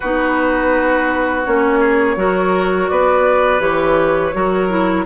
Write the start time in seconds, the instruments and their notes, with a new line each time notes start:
0.00 bassoon B3, clarinet D#4, oboe F#4, flute B4
1.45 bassoon A#3, clarinet C#4, flute C#5
1.79 oboe G#4
2.16 bassoon F#3, clarinet F#4, oboe A#4
2.88 bassoon B3, oboe B4, flute D5
3.59 bassoon E3, clarinet G4, flute C#5
4.33 bassoon F#3, clarinet F#4, oboe A#4
4.69 clarinet E4